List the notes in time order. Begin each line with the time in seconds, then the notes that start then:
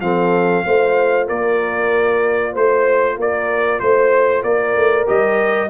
0.00 F3 C4 A4 F5
0.64 A3 F4 C5
1.26 A#3 A#4 D5
2.52 A3 C5
3.17 A#3 A#4 D5
3.79 A3 C5
4.42 A#3 A#4 D5
4.75 A3
5.06 G3 G4 D#5